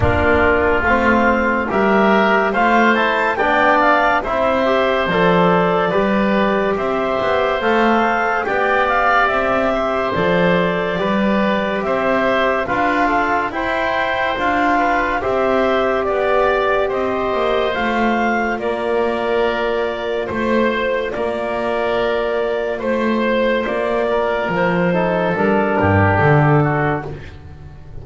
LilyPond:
<<
  \new Staff \with { instrumentName = "clarinet" } { \time 4/4 \tempo 4 = 71 ais'4 f''4 e''4 f''8 a''8 | g''8 f''8 e''4 d''2 | e''4 f''4 g''8 f''8 e''4 | d''2 e''4 f''4 |
g''4 f''4 e''4 d''4 | dis''4 f''4 d''2 | c''4 d''2 c''4 | d''4 c''4 ais'4 a'4 | }
  \new Staff \with { instrumentName = "oboe" } { \time 4/4 f'2 ais'4 c''4 | d''4 c''2 b'4 | c''2 d''4. c''8~ | c''4 b'4 c''4 b'8 a'8 |
c''4. b'8 c''4 d''4 | c''2 ais'2 | c''4 ais'2 c''4~ | c''8 ais'4 a'4 g'4 fis'8 | }
  \new Staff \with { instrumentName = "trombone" } { \time 4/4 d'4 c'4 g'4 f'8 e'8 | d'4 e'8 g'8 a'4 g'4~ | g'4 a'4 g'2 | a'4 g'2 f'4 |
e'4 f'4 g'2~ | g'4 f'2.~ | f'1~ | f'4. dis'8 d'2 | }
  \new Staff \with { instrumentName = "double bass" } { \time 4/4 ais4 a4 g4 a4 | b4 c'4 f4 g4 | c'8 b8 a4 b4 c'4 | f4 g4 c'4 d'4 |
e'4 d'4 c'4 b4 | c'8 ais8 a4 ais2 | a4 ais2 a4 | ais4 f4 g8 g,8 d4 | }
>>